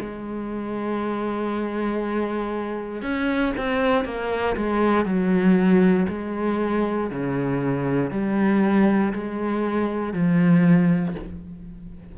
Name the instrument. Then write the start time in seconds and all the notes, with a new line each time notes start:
cello
0.00 G#3
3.02 C#4
3.57 C4
4.05 A#3
4.56 G#3
5.05 F#3
6.09 G#3
7.10 C#3
8.11 G3
9.13 G#3
10.13 F3